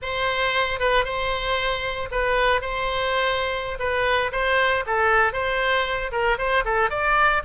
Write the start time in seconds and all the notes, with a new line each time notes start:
0.01 C5
0.79 B4
1.04 C5
2.11 B4
2.61 C5
3.79 B4
4.32 C5
4.86 A4
5.32 C5
6.11 A#4
6.38 C5
6.64 A4
6.90 D5